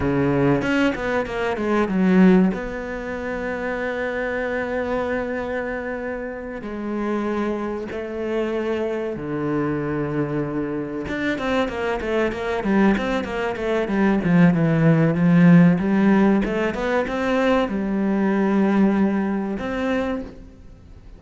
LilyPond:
\new Staff \with { instrumentName = "cello" } { \time 4/4 \tempo 4 = 95 cis4 cis'8 b8 ais8 gis8 fis4 | b1~ | b2~ b8 gis4.~ | gis8 a2 d4.~ |
d4. d'8 c'8 ais8 a8 ais8 | g8 c'8 ais8 a8 g8 f8 e4 | f4 g4 a8 b8 c'4 | g2. c'4 | }